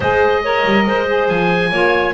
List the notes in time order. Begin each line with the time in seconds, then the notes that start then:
0.00 G#3 G#4 C5 D#5
0.43 A#4 C#5
0.65 G3
0.86 G#3 C5
1.06 G#4
1.28 F3 G#5
1.71 A#3 F4 C#5